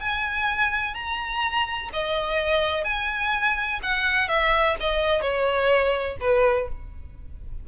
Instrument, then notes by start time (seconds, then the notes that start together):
violin
0.00 G#5
0.94 A#5
1.93 D#5
2.84 G#5
3.82 F#5
4.28 E5
4.80 D#5
5.21 C#5
6.20 B4